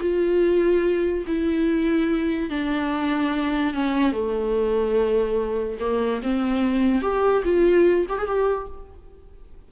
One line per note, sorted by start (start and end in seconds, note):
0.00 1.24 F4
1.27 2.50 E4
2.50 3.74 D4
3.74 4.12 C#4
4.12 5.77 A3
5.79 6.21 A#3
6.22 7.01 C4
7.01 7.43 G4
7.44 8.06 F4
8.09 8.18 G4
8.18 8.26 G#4
8.26 8.67 G4